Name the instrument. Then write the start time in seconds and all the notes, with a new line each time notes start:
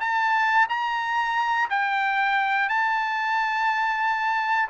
trumpet
0.00 A5
0.69 A#5
1.70 G5
2.69 A5